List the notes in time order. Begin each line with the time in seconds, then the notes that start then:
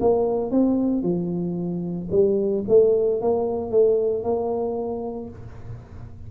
0.00 A#3
0.51 C4
1.03 F3
2.11 G3
2.68 A3
3.21 A#3
3.71 A3
4.23 A#3